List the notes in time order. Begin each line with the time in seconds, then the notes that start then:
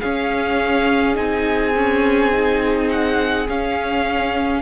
0.00 C#4 G#4 F5
1.15 C4 D#4 G#5
1.76 C#4
2.32 D#4
2.90 F#5
3.49 C#4 F5